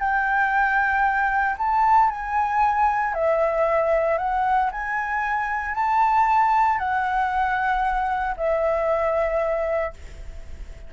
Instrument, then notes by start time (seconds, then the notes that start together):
flute
0.00 G5
1.59 A5
2.11 G#5
3.14 E5
4.19 F#5
4.72 G#5
5.75 A5
6.79 F#5
8.37 E5